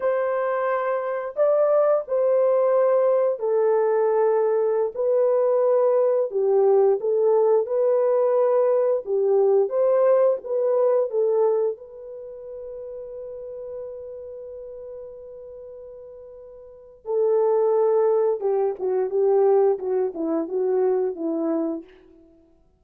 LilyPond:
\new Staff \with { instrumentName = "horn" } { \time 4/4 \tempo 4 = 88 c''2 d''4 c''4~ | c''4 a'2~ a'16 b'8.~ | b'4~ b'16 g'4 a'4 b'8.~ | b'4~ b'16 g'4 c''4 b'8.~ |
b'16 a'4 b'2~ b'8.~ | b'1~ | b'4 a'2 g'8 fis'8 | g'4 fis'8 e'8 fis'4 e'4 | }